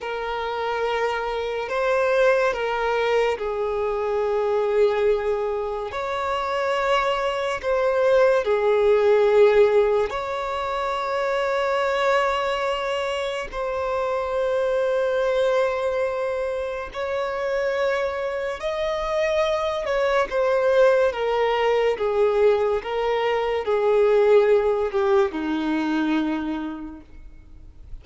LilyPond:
\new Staff \with { instrumentName = "violin" } { \time 4/4 \tempo 4 = 71 ais'2 c''4 ais'4 | gis'2. cis''4~ | cis''4 c''4 gis'2 | cis''1 |
c''1 | cis''2 dis''4. cis''8 | c''4 ais'4 gis'4 ais'4 | gis'4. g'8 dis'2 | }